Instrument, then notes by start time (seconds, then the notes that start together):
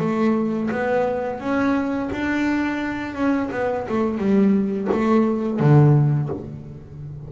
double bass
0.00 A3
0.71 B3
1.40 C#4
2.12 D4
3.15 C#4
3.52 B3
3.89 A3
4.18 G3
4.92 A3
5.60 D3